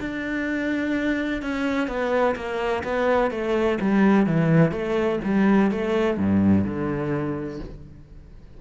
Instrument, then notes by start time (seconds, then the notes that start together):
cello
0.00 D4
1.42 C#4
1.88 B3
2.36 A#3
2.84 B3
3.31 A3
3.81 G3
4.27 E3
4.72 A3
5.24 G3
5.71 A3
6.18 G2
6.65 D3